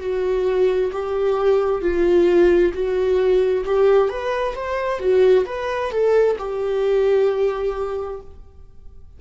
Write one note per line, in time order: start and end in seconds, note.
0.00 0.91 F#4
0.92 1.81 G4
1.81 2.72 F4
2.74 3.64 F#4
3.65 4.09 G4
4.09 4.55 B4
4.55 4.99 C5
4.99 5.45 F#4
5.45 5.91 B4
5.91 6.36 A4
6.38 8.20 G4